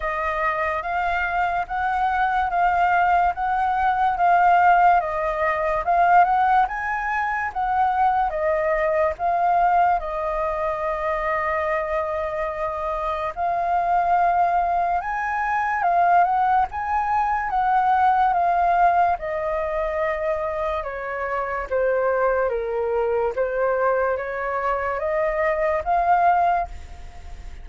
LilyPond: \new Staff \with { instrumentName = "flute" } { \time 4/4 \tempo 4 = 72 dis''4 f''4 fis''4 f''4 | fis''4 f''4 dis''4 f''8 fis''8 | gis''4 fis''4 dis''4 f''4 | dis''1 |
f''2 gis''4 f''8 fis''8 | gis''4 fis''4 f''4 dis''4~ | dis''4 cis''4 c''4 ais'4 | c''4 cis''4 dis''4 f''4 | }